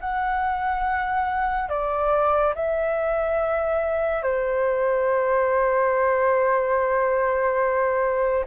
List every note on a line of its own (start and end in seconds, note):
0.00 1.69 F#5
1.69 2.53 D5
2.55 4.22 E5
4.22 8.45 C5